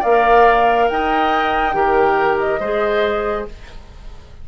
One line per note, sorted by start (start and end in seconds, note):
0.00 0.90 A#3
0.00 0.86 D5
0.00 0.88 F5
0.07 1.74 A#4
0.88 1.74 D#4
0.88 1.76 D#5
0.88 2.38 G5
1.74 2.60 D#3
1.74 2.60 G4
1.74 2.60 A#4
2.39 3.46 D#5
2.60 3.45 G#3
2.60 3.49 G#4
2.60 3.46 C5